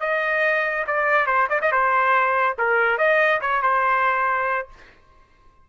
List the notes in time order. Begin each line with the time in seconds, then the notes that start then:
0.00 D#5
0.87 D5
1.26 C5
1.50 D5
1.62 D#5
1.72 C5
2.58 A#4
2.98 D#5
3.41 C#5
3.62 C5